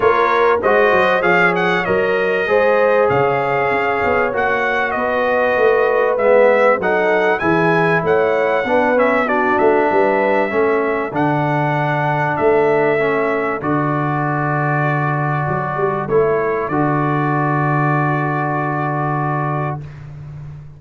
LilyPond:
<<
  \new Staff \with { instrumentName = "trumpet" } { \time 4/4 \tempo 4 = 97 cis''4 dis''4 f''8 fis''8 dis''4~ | dis''4 f''2 fis''4 | dis''2 e''4 fis''4 | gis''4 fis''4. e''8 d''8 e''8~ |
e''2 fis''2 | e''2 d''2~ | d''2 cis''4 d''4~ | d''1 | }
  \new Staff \with { instrumentName = "horn" } { \time 4/4 ais'4 c''4 cis''2 | c''4 cis''2. | b'2. a'4 | gis'4 cis''4 b'4 fis'4 |
b'4 a'2.~ | a'1~ | a'1~ | a'1 | }
  \new Staff \with { instrumentName = "trombone" } { \time 4/4 f'4 fis'4 gis'4 ais'4 | gis'2. fis'4~ | fis'2 b4 dis'4 | e'2 d'8 cis'8 d'4~ |
d'4 cis'4 d'2~ | d'4 cis'4 fis'2~ | fis'2 e'4 fis'4~ | fis'1 | }
  \new Staff \with { instrumentName = "tuba" } { \time 4/4 ais4 gis8 fis8 f4 fis4 | gis4 cis4 cis'8 b8 ais4 | b4 a4 gis4 fis4 | e4 a4 b4. a8 |
g4 a4 d2 | a2 d2~ | d4 fis8 g8 a4 d4~ | d1 | }
>>